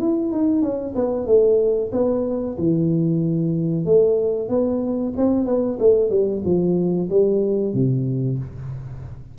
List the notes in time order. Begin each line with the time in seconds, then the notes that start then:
0.00 E4
0.32 D#4
0.62 C#4
0.95 B3
1.27 A3
1.92 B3
2.58 E3
3.85 A3
4.49 B3
5.17 C4
5.46 B3
5.79 A3
6.10 G3
6.45 F3
7.10 G3
7.74 C3